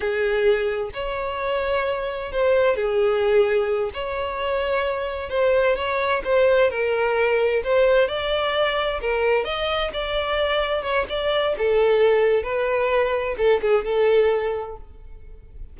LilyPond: \new Staff \with { instrumentName = "violin" } { \time 4/4 \tempo 4 = 130 gis'2 cis''2~ | cis''4 c''4 gis'2~ | gis'8 cis''2. c''8~ | c''8 cis''4 c''4 ais'4.~ |
ais'8 c''4 d''2 ais'8~ | ais'8 dis''4 d''2 cis''8 | d''4 a'2 b'4~ | b'4 a'8 gis'8 a'2 | }